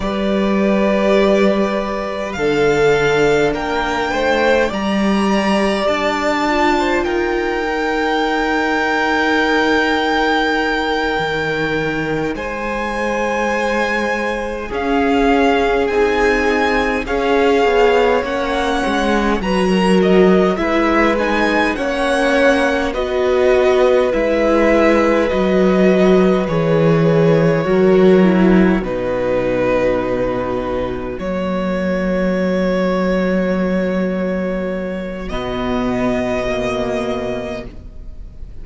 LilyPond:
<<
  \new Staff \with { instrumentName = "violin" } { \time 4/4 \tempo 4 = 51 d''2 f''4 g''4 | ais''4 a''4 g''2~ | g''2~ g''8 gis''4.~ | gis''8 f''4 gis''4 f''4 fis''8~ |
fis''8 ais''8 dis''8 e''8 gis''8 fis''4 dis''8~ | dis''8 e''4 dis''4 cis''4.~ | cis''8 b'2 cis''4.~ | cis''2 dis''2 | }
  \new Staff \with { instrumentName = "violin" } { \time 4/4 b'2 a'4 ais'8 c''8 | d''4.~ d''16 c''16 ais'2~ | ais'2~ ais'8 c''4.~ | c''8 gis'2 cis''4.~ |
cis''8 b'16 ais'8. b'4 cis''4 b'8~ | b'2.~ b'8 ais'8~ | ais'8 fis'2.~ fis'8~ | fis'1 | }
  \new Staff \with { instrumentName = "viola" } { \time 4/4 g'2 d'2 | g'4. f'4 dis'4.~ | dis'1~ | dis'8 cis'4 dis'4 gis'4 cis'8~ |
cis'8 fis'4 e'8 dis'8 cis'4 fis'8~ | fis'8 e'4 fis'4 gis'4 fis'8 | e'8 dis'2 ais4.~ | ais2 b4 ais4 | }
  \new Staff \with { instrumentName = "cello" } { \time 4/4 g2 d4 ais8 a8 | g4 d'4 dis'2~ | dis'4. dis4 gis4.~ | gis8 cis'4 c'4 cis'8 b8 ais8 |
gis8 fis4 gis4 ais4 b8~ | b8 gis4 fis4 e4 fis8~ | fis8 b,2 fis4.~ | fis2 b,2 | }
>>